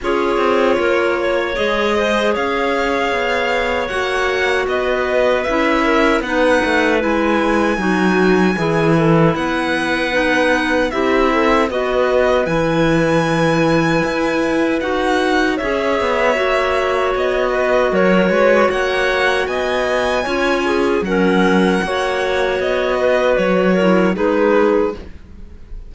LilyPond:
<<
  \new Staff \with { instrumentName = "violin" } { \time 4/4 \tempo 4 = 77 cis''2 dis''4 f''4~ | f''4 fis''4 dis''4 e''4 | fis''4 gis''2. | fis''2 e''4 dis''4 |
gis''2. fis''4 | e''2 dis''4 cis''4 | fis''4 gis''2 fis''4~ | fis''4 dis''4 cis''4 b'4 | }
  \new Staff \with { instrumentName = "clarinet" } { \time 4/4 gis'4 ais'8 cis''4 c''8 cis''4~ | cis''2 b'4. ais'8 | b'2 fis'4 gis'8 a'8 | b'2 g'8 a'8 b'4~ |
b'1 | cis''2~ cis''8 b'8 ais'8 b'8 | cis''4 dis''4 cis''8 gis'8 ais'4 | cis''4. b'4 ais'8 gis'4 | }
  \new Staff \with { instrumentName = "clarinet" } { \time 4/4 f'2 gis'2~ | gis'4 fis'2 e'4 | dis'4 e'4 dis'4 e'4~ | e'4 dis'4 e'4 fis'4 |
e'2. fis'4 | gis'4 fis'2.~ | fis'2 f'4 cis'4 | fis'2~ fis'8 e'8 dis'4 | }
  \new Staff \with { instrumentName = "cello" } { \time 4/4 cis'8 c'8 ais4 gis4 cis'4 | b4 ais4 b4 cis'4 | b8 a8 gis4 fis4 e4 | b2 c'4 b4 |
e2 e'4 dis'4 | cis'8 b8 ais4 b4 fis8 gis8 | ais4 b4 cis'4 fis4 | ais4 b4 fis4 gis4 | }
>>